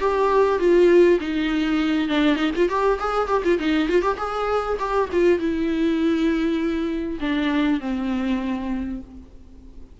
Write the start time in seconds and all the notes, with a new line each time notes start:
0.00 G4
0.59 F4
1.20 D#4
2.09 D4
2.36 D#4
2.56 F4
2.69 G4
2.99 G#4
3.28 G4
3.44 F4
3.59 D#4
3.88 F4
4.02 G4
4.17 G#4
4.79 G4
5.12 F4
5.39 E4
7.20 D4
7.80 C4